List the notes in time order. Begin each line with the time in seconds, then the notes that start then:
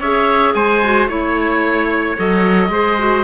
0.00 C#4 G#4 C#5 E5
0.54 G#3 C5 G#5
0.83 F#4
1.08 A3 E4 C#5
2.16 F#3 A4 D#5
2.69 G#3 G#4 C5
2.99 F#4